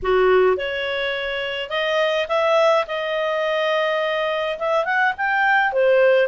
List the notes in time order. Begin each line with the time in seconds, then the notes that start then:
0.02 F#4
0.57 C#5
1.69 D#5
2.28 E5
2.87 D#5
4.59 E5
4.84 F#5
5.17 G5
5.72 C5